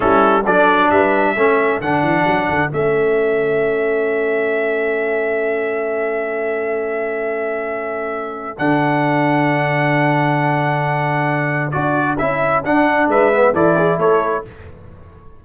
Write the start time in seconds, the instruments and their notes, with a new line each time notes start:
0.00 tuba G3, trombone C#4, horn E4, trumpet A4
0.43 tuba F#3, trombone D4, horn A4, trumpet D5
0.90 tuba G3, horn B4, trumpet E5
1.33 tuba A3, trombone C#4, horn A4
1.80 tuba D3, trombone D4, trumpet F#5
2.03 tuba E3
2.27 tuba F#3
2.49 tuba D3
2.69 tuba A3, trombone C#4, trumpet E5
8.57 tuba D3, trombone D4, trumpet F#5
11.71 tuba D4, trombone F#4, trumpet D5
12.18 tuba C#4, trombone E4, trumpet E5
12.64 tuba D4, trombone D4, trumpet F#5
13.07 tuba G#3, horn B4, trumpet E5
13.32 trombone B3
13.53 tuba E3, trombone E4, horn A4, trumpet D5
13.76 horn G#4
13.97 tuba A3, horn A4, trumpet C#5